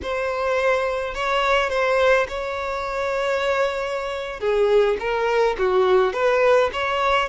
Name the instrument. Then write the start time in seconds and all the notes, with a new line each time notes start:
violin
0.02 C5
1.14 C#5
1.69 C5
2.28 C#5
4.40 G#4
4.99 A#4
5.58 F#4
6.13 B4
6.72 C#5